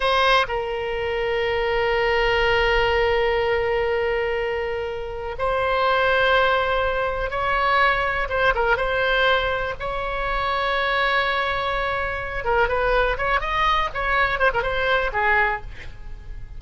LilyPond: \new Staff \with { instrumentName = "oboe" } { \time 4/4 \tempo 4 = 123 c''4 ais'2.~ | ais'1~ | ais'2. c''4~ | c''2. cis''4~ |
cis''4 c''8 ais'8 c''2 | cis''1~ | cis''4. ais'8 b'4 cis''8 dis''8~ | dis''8 cis''4 c''16 ais'16 c''4 gis'4 | }